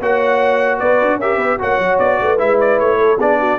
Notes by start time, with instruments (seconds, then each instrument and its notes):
0.00 tuba A#3, trombone F#4, horn C#5, trumpet F#5
0.78 tuba B3, horn B4, trumpet D5
1.01 tuba D4
1.17 tuba C#4, trombone G4, horn A#4, trumpet E5
1.37 tuba B3, horn B4
1.59 tuba A#3, trombone F#4, horn C#5, trumpet F#5
1.78 tuba F#3
1.99 tuba B3, trumpet D5
2.21 tuba A3, horn B4
2.38 tuba G#3, trombone E4, trumpet E5
2.60 trumpet D5
2.80 tuba A3, trumpet C#5
2.98 horn A4
3.18 tuba B3, trombone D4, horn G#4, trumpet D5
3.39 horn F#4